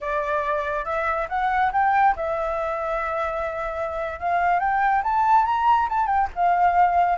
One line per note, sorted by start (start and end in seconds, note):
0.00 0.84 D5
0.84 1.27 E5
1.29 1.71 F#5
1.72 2.15 G5
2.15 4.19 E5
4.19 4.59 F5
4.59 5.02 G5
5.03 5.45 A5
5.45 5.88 A#5
5.89 6.06 A5
6.06 6.27 G5
6.35 7.18 F5